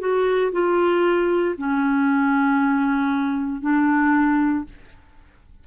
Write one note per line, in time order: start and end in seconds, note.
0.00 0.52 F#4
0.52 1.56 F4
1.58 3.61 C#4
3.61 4.65 D4